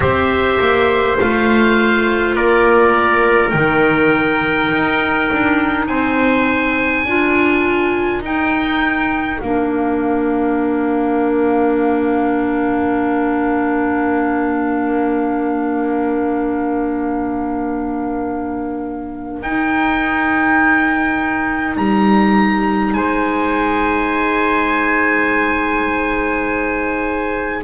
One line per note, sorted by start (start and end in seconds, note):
0.00 0.58 C4
0.00 1.17 G4
0.00 2.35 C5
0.00 1.17 E5
0.59 1.18 A#3
1.19 2.35 A3
1.19 3.53 F4
1.19 2.36 F5
2.35 3.53 A#3
2.35 5.88 A#4
2.35 3.50 D5
3.50 4.70 D#3
3.50 7.06 D#4
3.50 5.85 G5
4.71 5.30 D#4
5.32 5.87 D4
5.87 7.05 C4
5.87 7.06 C5
5.87 8.22 G#5
7.05 8.21 D4
7.05 8.23 F4
7.05 22.94 A#4
8.21 9.38 D#4
8.21 9.40 D#4
8.21 9.40 G5
9.40 19.42 A#3
9.40 19.42 D4
9.40 19.40 F5
19.42 21.76 D#4
19.42 27.64 D#4
19.42 21.76 G5
21.76 22.94 G3
21.76 22.93 A#5
22.93 27.64 G#3
22.93 27.64 C5
22.93 27.64 G#5